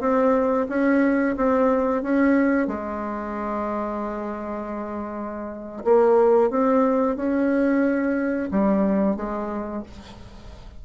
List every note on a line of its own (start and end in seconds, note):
0.00 0.67 C4
0.69 1.36 C#4
1.37 2.03 C4
2.03 2.67 C#4
2.67 5.84 G#3
5.85 6.50 A#3
6.50 7.16 C4
7.16 8.50 C#4
8.51 9.17 G3
9.17 9.83 G#3